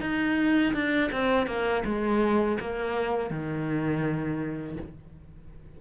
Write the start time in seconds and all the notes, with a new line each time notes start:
0.00 D#4
0.74 D4
1.12 C4
1.46 A#3
1.85 G#3
2.60 A#3
3.30 D#3